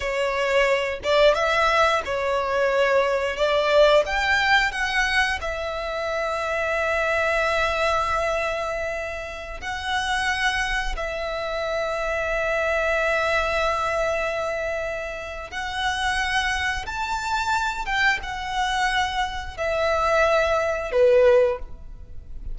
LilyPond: \new Staff \with { instrumentName = "violin" } { \time 4/4 \tempo 4 = 89 cis''4. d''8 e''4 cis''4~ | cis''4 d''4 g''4 fis''4 | e''1~ | e''2~ e''16 fis''4.~ fis''16~ |
fis''16 e''2.~ e''8.~ | e''2. fis''4~ | fis''4 a''4. g''8 fis''4~ | fis''4 e''2 b'4 | }